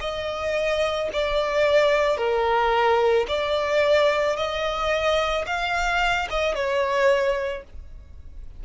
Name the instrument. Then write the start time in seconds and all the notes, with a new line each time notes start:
violin
0.00 D#5
1.13 D5
2.17 A#4
3.28 D5
4.36 D#5
5.46 F5
6.30 D#5
6.55 C#5